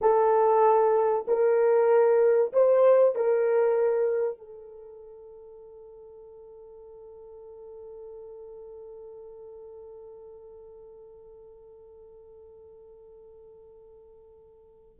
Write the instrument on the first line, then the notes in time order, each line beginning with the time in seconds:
horn
0.01 A4
1.27 A#4
2.52 C5
3.15 A#4
4.38 A4